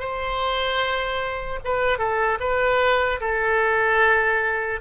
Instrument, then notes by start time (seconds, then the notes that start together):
oboe
0.00 C5
1.65 B4
1.99 A4
2.40 B4
3.21 A4